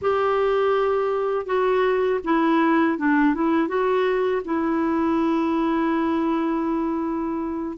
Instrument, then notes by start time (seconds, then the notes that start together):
clarinet
0.01 G4
1.46 F#4
2.24 E4
2.98 D4
3.34 E4
3.68 F#4
4.44 E4